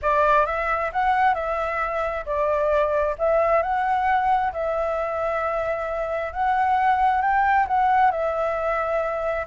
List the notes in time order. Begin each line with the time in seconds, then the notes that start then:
0.02 D5
0.46 E5
0.92 F#5
1.34 E5
2.25 D5
3.18 E5
3.62 F#5
4.53 E5
6.32 F#5
7.21 G5
7.67 F#5
8.11 E5